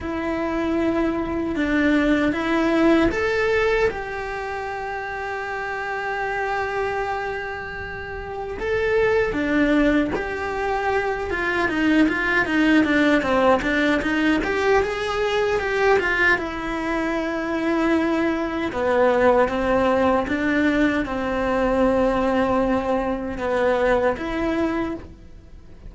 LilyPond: \new Staff \with { instrumentName = "cello" } { \time 4/4 \tempo 4 = 77 e'2 d'4 e'4 | a'4 g'2.~ | g'2. a'4 | d'4 g'4. f'8 dis'8 f'8 |
dis'8 d'8 c'8 d'8 dis'8 g'8 gis'4 | g'8 f'8 e'2. | b4 c'4 d'4 c'4~ | c'2 b4 e'4 | }